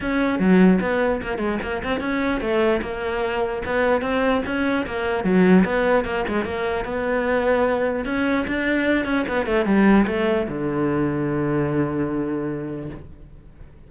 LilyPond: \new Staff \with { instrumentName = "cello" } { \time 4/4 \tempo 4 = 149 cis'4 fis4 b4 ais8 gis8 | ais8 c'8 cis'4 a4 ais4~ | ais4 b4 c'4 cis'4 | ais4 fis4 b4 ais8 gis8 |
ais4 b2. | cis'4 d'4. cis'8 b8 a8 | g4 a4 d2~ | d1 | }